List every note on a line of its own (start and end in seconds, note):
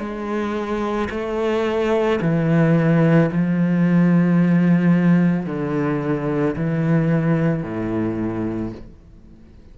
0.00 1.09 G#3
1.11 2.20 A3
2.22 3.31 E3
3.32 5.47 F3
5.47 6.56 D3
6.57 7.64 E3
7.64 8.73 A2